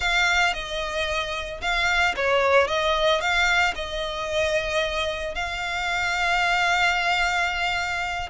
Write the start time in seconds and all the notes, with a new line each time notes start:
0.00 F5
0.53 D#5
1.61 F5
2.16 C#5
2.67 D#5
3.20 F5
3.75 D#5
5.34 F5